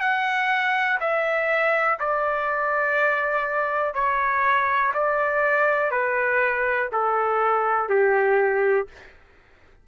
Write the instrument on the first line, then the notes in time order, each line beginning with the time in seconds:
trumpet
0.00 F#5
1.00 E5
1.99 D5
3.94 C#5
4.94 D5
5.91 B4
6.92 A4
7.89 G4